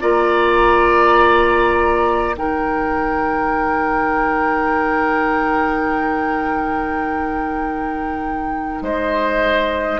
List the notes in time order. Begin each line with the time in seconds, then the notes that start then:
0.00 A#3 F4 D5 A#5
2.35 D#3 D#4 A#4 G5
8.82 G#3 C5 D#5